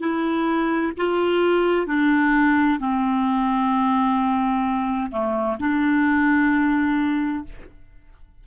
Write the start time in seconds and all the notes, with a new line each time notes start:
0.00 E4
0.97 F4
1.87 D4
2.79 C4
5.11 A3
5.60 D4